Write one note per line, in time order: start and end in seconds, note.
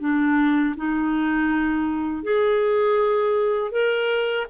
0.00 0.75 D4
0.76 2.23 D#4
2.23 3.72 G#4
3.72 4.47 A#4